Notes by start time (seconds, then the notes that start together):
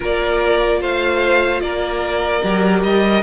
0.00 A#3 F4 A#4 D5
0.81 A3 C5 F5
1.60 A#3 A#4 D5
2.42 F#3 G4
2.83 G3 D#5